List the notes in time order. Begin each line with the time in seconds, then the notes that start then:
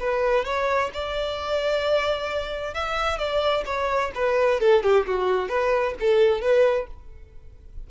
0.00 B4
0.45 C#5
0.94 D5
2.74 E5
3.19 D5
3.66 C#5
4.15 B4
4.61 A4
4.84 G4
5.07 F#4
5.49 B4
6.00 A4
6.41 B4